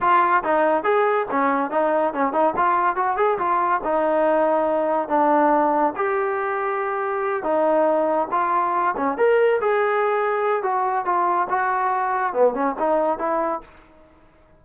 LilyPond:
\new Staff \with { instrumentName = "trombone" } { \time 4/4 \tempo 4 = 141 f'4 dis'4 gis'4 cis'4 | dis'4 cis'8 dis'8 f'4 fis'8 gis'8 | f'4 dis'2. | d'2 g'2~ |
g'4. dis'2 f'8~ | f'4 cis'8 ais'4 gis'4.~ | gis'4 fis'4 f'4 fis'4~ | fis'4 b8 cis'8 dis'4 e'4 | }